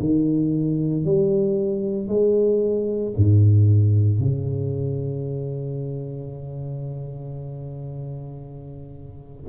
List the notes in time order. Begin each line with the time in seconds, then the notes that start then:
0.00 D#3
1.05 G3
2.08 G#3
3.17 G#2
4.20 C#3